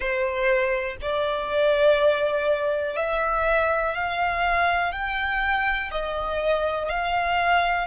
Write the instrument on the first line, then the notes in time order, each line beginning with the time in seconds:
violin
0.00 C5
1.01 D5
2.96 E5
3.94 F5
4.92 G5
5.91 D#5
6.89 F5